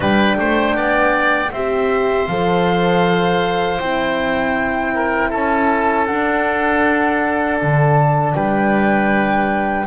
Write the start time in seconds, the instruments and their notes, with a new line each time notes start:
0.00 double bass G3, horn D4, oboe B4, flute G5
0.38 double bass A3, oboe C5
0.74 double bass B3, oboe D5
1.51 double bass C4, horn G4, oboe C5, flute E5
2.27 double bass F3, horn A4, flute F5
3.79 double bass C4, horn E4, flute G5
4.94 oboe A#4
5.29 double bass C#4, oboe A4, flute A5
6.06 horn D4, double bass D4, flute F#5
7.59 double bass D3, flute A5
8.34 double bass G3, oboe B4, flute G5